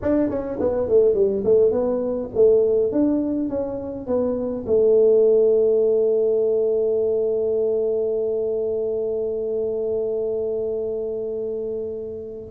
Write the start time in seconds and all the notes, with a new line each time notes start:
0.02 D4
0.29 C#4
0.60 B3
0.88 A3
1.14 G3
1.44 A3
1.71 B3
2.35 A3
2.92 D4
3.49 C#4
4.06 B3
4.66 A3